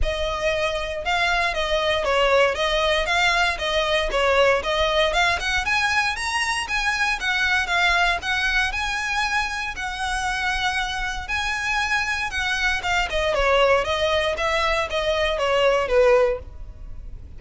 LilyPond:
\new Staff \with { instrumentName = "violin" } { \time 4/4 \tempo 4 = 117 dis''2 f''4 dis''4 | cis''4 dis''4 f''4 dis''4 | cis''4 dis''4 f''8 fis''8 gis''4 | ais''4 gis''4 fis''4 f''4 |
fis''4 gis''2 fis''4~ | fis''2 gis''2 | fis''4 f''8 dis''8 cis''4 dis''4 | e''4 dis''4 cis''4 b'4 | }